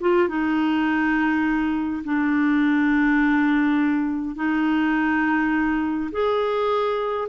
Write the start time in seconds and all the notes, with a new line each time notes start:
0.00 F4
0.28 D#4
2.04 D4
4.35 D#4
6.11 G#4